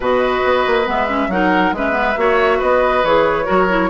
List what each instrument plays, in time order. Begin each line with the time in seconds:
0.00 bassoon B2, clarinet F#4, oboe B4, flute D#5
0.44 bassoon B3
0.66 bassoon A#3
0.85 bassoon G#3, clarinet B3, flute E5
1.08 clarinet C#4
1.27 bassoon F#3, clarinet D#4, oboe A#4, flute F#5
1.72 bassoon G#3, clarinet C#4, oboe B4, flute E5
1.91 clarinet B3
2.16 bassoon A#3, clarinet F#4, oboe C#5
2.58 bassoon B3, oboe B4, flute D#5
3.03 bassoon E3, clarinet G#4, flute C#5
3.44 bassoon F#3, clarinet F#4, oboe A#4
3.69 clarinet E4